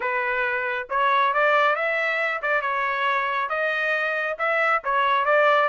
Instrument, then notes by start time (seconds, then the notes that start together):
trumpet
0.00 B4
0.89 C#5
1.33 D5
1.75 E5
2.41 D5
2.61 C#5
3.49 D#5
4.38 E5
4.84 C#5
5.25 D5